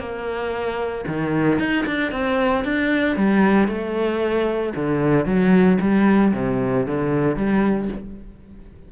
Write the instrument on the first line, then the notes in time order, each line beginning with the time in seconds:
cello
0.00 A#3
1.07 D#3
1.59 D#4
1.87 D4
2.12 C4
2.65 D4
3.17 G3
3.68 A3
4.76 D3
5.26 F#3
5.81 G3
6.34 C3
6.87 D3
7.36 G3